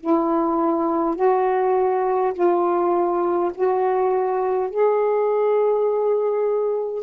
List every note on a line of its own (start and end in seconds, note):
0.00 1.16 E4
1.16 2.33 F#4
2.34 3.51 F4
3.55 4.70 F#4
4.70 7.03 G#4